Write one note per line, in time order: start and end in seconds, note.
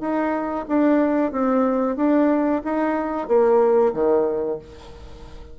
0.00 0.65 D#4
0.68 1.32 D4
1.32 1.96 C4
1.96 2.61 D4
2.64 3.28 D#4
3.28 3.93 A#3
3.93 4.59 D#3